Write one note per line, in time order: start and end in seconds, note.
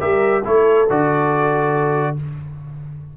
0.00 0.44 G3
0.00 0.42 G4
0.00 0.43 A#4
0.00 0.43 E5
0.44 0.88 A3
0.44 0.87 E4
0.44 2.14 A4
0.44 0.89 C#5
0.90 2.17 D3
0.90 2.16 F#4
0.90 2.17 D5